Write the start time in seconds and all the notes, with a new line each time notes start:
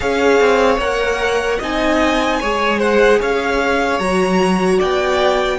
0.00 C#4 G#4 C#5 F5
0.40 C4
0.78 A#3 A#4 F#5
1.58 C4 D#4 D#5 G#5
2.40 G#3 G#4 C#5
2.79 C5 F#5
3.19 C#4 C#5 F5
3.99 F#3 F#4 A#5
4.78 B3 D5 G5